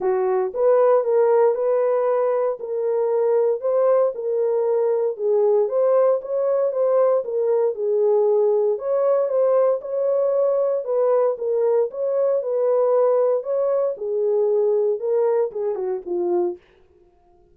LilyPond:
\new Staff \with { instrumentName = "horn" } { \time 4/4 \tempo 4 = 116 fis'4 b'4 ais'4 b'4~ | b'4 ais'2 c''4 | ais'2 gis'4 c''4 | cis''4 c''4 ais'4 gis'4~ |
gis'4 cis''4 c''4 cis''4~ | cis''4 b'4 ais'4 cis''4 | b'2 cis''4 gis'4~ | gis'4 ais'4 gis'8 fis'8 f'4 | }